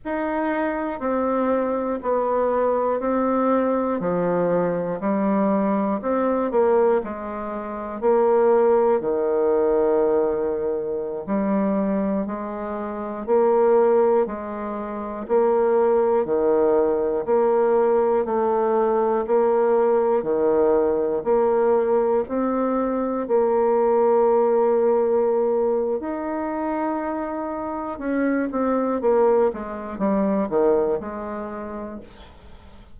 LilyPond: \new Staff \with { instrumentName = "bassoon" } { \time 4/4 \tempo 4 = 60 dis'4 c'4 b4 c'4 | f4 g4 c'8 ais8 gis4 | ais4 dis2~ dis16 g8.~ | g16 gis4 ais4 gis4 ais8.~ |
ais16 dis4 ais4 a4 ais8.~ | ais16 dis4 ais4 c'4 ais8.~ | ais2 dis'2 | cis'8 c'8 ais8 gis8 g8 dis8 gis4 | }